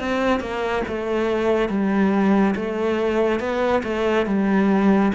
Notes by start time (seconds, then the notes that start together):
0.00 C4
0.41 A#3
0.88 A3
1.69 G3
2.56 A3
3.41 B3
3.84 A3
4.27 G3